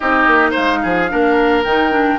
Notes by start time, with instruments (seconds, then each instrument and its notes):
0.00 bassoon C4, clarinet D#4, oboe G4, flute D#5
0.26 bassoon A#3
0.51 oboe C5, flute F5
0.57 bassoon G#3
0.82 bassoon F3, oboe G#4
1.09 bassoon A#3, clarinet D4, oboe A#4
1.64 bassoon D#3, clarinet D#4, flute G5
1.90 clarinet D4